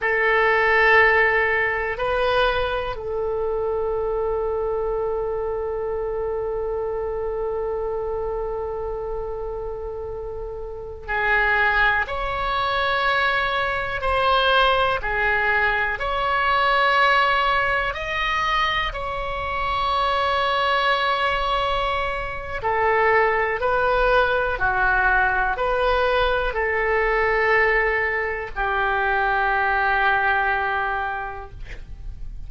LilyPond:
\new Staff \with { instrumentName = "oboe" } { \time 4/4 \tempo 4 = 61 a'2 b'4 a'4~ | a'1~ | a'2.~ a'16 gis'8.~ | gis'16 cis''2 c''4 gis'8.~ |
gis'16 cis''2 dis''4 cis''8.~ | cis''2. a'4 | b'4 fis'4 b'4 a'4~ | a'4 g'2. | }